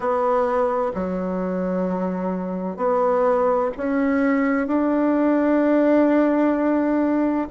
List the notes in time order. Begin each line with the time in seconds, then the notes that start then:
0.00 B3
0.94 F#3
2.77 B3
3.77 C#4
4.67 D4